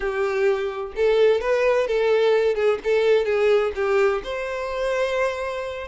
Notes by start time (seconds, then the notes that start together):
0.00 G4
0.95 A4
1.40 B4
1.87 A4
2.55 G#4
2.84 A4
3.25 G#4
3.75 G4
4.23 C5